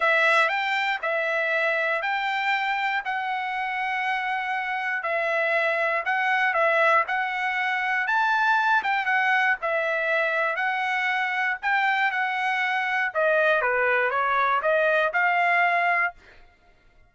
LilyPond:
\new Staff \with { instrumentName = "trumpet" } { \time 4/4 \tempo 4 = 119 e''4 g''4 e''2 | g''2 fis''2~ | fis''2 e''2 | fis''4 e''4 fis''2 |
a''4. g''8 fis''4 e''4~ | e''4 fis''2 g''4 | fis''2 dis''4 b'4 | cis''4 dis''4 f''2 | }